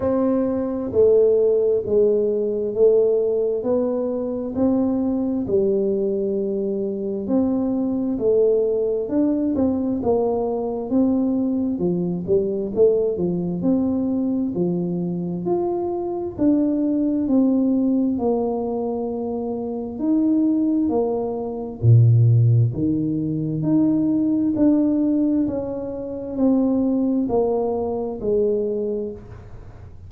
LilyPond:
\new Staff \with { instrumentName = "tuba" } { \time 4/4 \tempo 4 = 66 c'4 a4 gis4 a4 | b4 c'4 g2 | c'4 a4 d'8 c'8 ais4 | c'4 f8 g8 a8 f8 c'4 |
f4 f'4 d'4 c'4 | ais2 dis'4 ais4 | ais,4 dis4 dis'4 d'4 | cis'4 c'4 ais4 gis4 | }